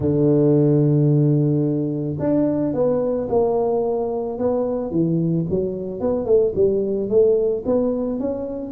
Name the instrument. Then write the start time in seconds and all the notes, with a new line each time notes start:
tuba
0.00 D3
2.19 D4
2.73 B3
3.29 A#3
4.38 B3
4.91 E3
5.49 F#3
6.00 B3
6.25 A3
6.55 G3
7.09 A3
7.65 B3
8.19 C#4